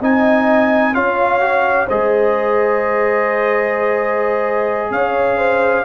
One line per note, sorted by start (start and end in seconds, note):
0.00 0.94 C4
0.00 0.94 D#4
0.00 0.94 D#5
0.00 0.94 G#5
0.94 1.88 C#4
0.94 1.40 F4
0.94 1.87 C#5
0.94 1.88 F5
1.40 1.87 F#4
1.87 4.90 G#3
1.87 5.85 G#4
1.87 4.91 C5
1.87 4.92 D#5
4.90 5.84 C#4
4.90 5.38 C#5
4.90 5.85 F5
5.38 5.84 C5